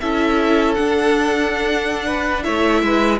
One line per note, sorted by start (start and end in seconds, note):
0.00 0.77 C#4
0.00 0.76 E4
0.00 2.05 A4
0.00 0.74 E5
0.74 2.43 D4
0.74 2.47 D4
0.74 2.43 F#5
2.05 2.43 B4
2.43 2.82 A3
2.43 3.18 E4
2.43 2.82 C#5
2.43 3.18 E5
2.82 3.19 G#3
2.82 3.19 B4